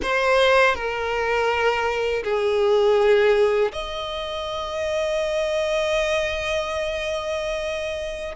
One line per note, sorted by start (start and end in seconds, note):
0.02 0.75 C5
0.75 2.23 A#4
2.24 3.72 G#4
3.72 8.35 D#5